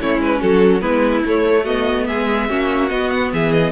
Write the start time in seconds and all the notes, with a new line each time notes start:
0.00 A3 C#4 E4 C#5
0.19 G#3 B4
0.40 F#3 F#4 A4
0.81 G#3 B3 E4 B4
1.25 A3 C#5
1.63 B3 F#4 D#5
2.06 G#3 G#4 E5
2.49 A#3 C#4 F#4
2.89 B3 D#5
3.11 F#5
3.33 E3 G#4 E5
3.52 D#5